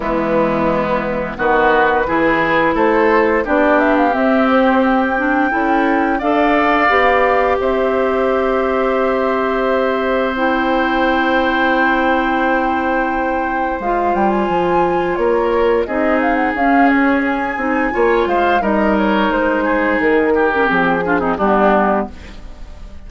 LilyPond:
<<
  \new Staff \with { instrumentName = "flute" } { \time 4/4 \tempo 4 = 87 e'2 b'2 | c''4 d''8 e''16 f''16 e''8 c''8 g''4~ | g''4 f''2 e''4~ | e''2. g''4~ |
g''1 | f''8 g''16 gis''4~ gis''16 cis''4 dis''8 f''16 fis''16 | f''8 cis''8 gis''4. f''8 dis''8 cis''8 | c''4 ais'4 gis'4 g'4 | }
  \new Staff \with { instrumentName = "oboe" } { \time 4/4 b2 fis'4 gis'4 | a'4 g'2. | a'4 d''2 c''4~ | c''1~ |
c''1~ | c''2 ais'4 gis'4~ | gis'2 cis''8 c''8 ais'4~ | ais'8 gis'4 g'4 f'16 dis'16 d'4 | }
  \new Staff \with { instrumentName = "clarinet" } { \time 4/4 gis2 b4 e'4~ | e'4 d'4 c'4. d'8 | e'4 a'4 g'2~ | g'2. e'4~ |
e'1 | f'2. dis'4 | cis'4. dis'8 f'4 dis'4~ | dis'4.~ dis'16 cis'16 c'8 d'16 c'16 b4 | }
  \new Staff \with { instrumentName = "bassoon" } { \time 4/4 e2 dis4 e4 | a4 b4 c'2 | cis'4 d'4 b4 c'4~ | c'1~ |
c'1 | gis8 g8 f4 ais4 c'4 | cis'4. c'8 ais8 gis8 g4 | gis4 dis4 f4 g4 | }
>>